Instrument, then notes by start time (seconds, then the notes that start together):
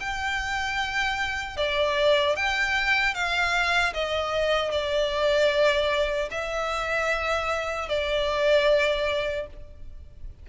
violin
0.00 G5
1.57 D5
2.36 G5
3.14 F5
3.93 D#5
4.71 D5
6.31 E5
7.89 D5